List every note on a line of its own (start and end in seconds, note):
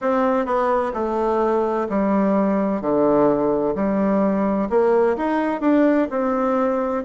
0.01 0.45 C4
0.45 0.92 B3
0.93 1.87 A3
1.89 2.81 G3
2.81 3.75 D3
3.75 4.68 G3
4.69 5.16 A#3
5.16 5.60 D#4
5.60 6.07 D4
6.10 7.04 C4